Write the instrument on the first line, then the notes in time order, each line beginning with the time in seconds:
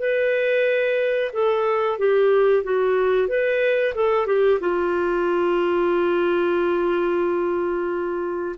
clarinet
0.00 B4
1.33 A4
1.99 G4
2.64 F#4
3.28 B4
3.95 A4
4.27 G4
4.60 F4